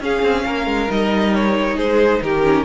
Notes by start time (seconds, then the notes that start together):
0.00 C#4 G#4 F5
0.22 C4
0.46 A#3 A#4
0.66 G#3
0.89 G3 D#4 D#5
1.35 C#5
1.76 G#3 G#4 C5
2.22 D#3 G4 A#4
2.44 C#4